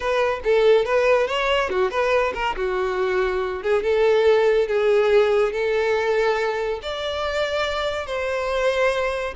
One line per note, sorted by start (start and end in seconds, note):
0.00 0.40 B4
0.44 0.85 A4
0.85 1.27 B4
1.27 1.69 C#5
1.69 1.91 F#4
1.91 2.33 B4
2.34 2.55 A#4
2.56 3.62 F#4
3.62 3.82 G#4
3.82 4.67 A4
4.67 5.52 G#4
5.52 6.79 A4
6.82 8.06 D5
8.06 9.34 C5